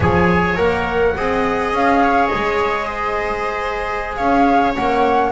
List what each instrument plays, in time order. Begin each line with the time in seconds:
0.00 double bass F3, trombone G#4, viola C#5, flute G#5
0.56 double bass A#3, trombone A#4, flute F#5
1.16 double bass C4, trombone G#4, viola D#5
1.72 double bass C#4, flute F5
2.03 viola C#5
2.26 flute D#5
2.34 double bass G#3
2.87 viola C5
4.15 double bass C#4, viola C#5, flute F5
4.75 double bass A#3, trombone C#4, flute F#5